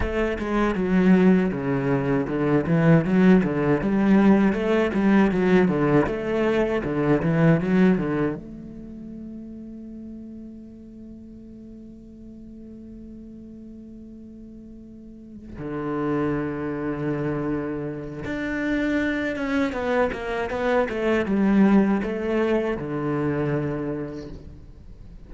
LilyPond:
\new Staff \with { instrumentName = "cello" } { \time 4/4 \tempo 4 = 79 a8 gis8 fis4 cis4 d8 e8 | fis8 d8 g4 a8 g8 fis8 d8 | a4 d8 e8 fis8 d8 a4~ | a1~ |
a1~ | a8 d2.~ d8 | d'4. cis'8 b8 ais8 b8 a8 | g4 a4 d2 | }